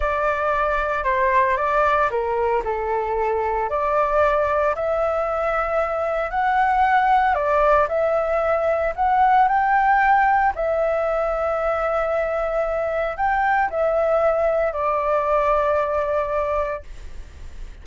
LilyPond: \new Staff \with { instrumentName = "flute" } { \time 4/4 \tempo 4 = 114 d''2 c''4 d''4 | ais'4 a'2 d''4~ | d''4 e''2. | fis''2 d''4 e''4~ |
e''4 fis''4 g''2 | e''1~ | e''4 g''4 e''2 | d''1 | }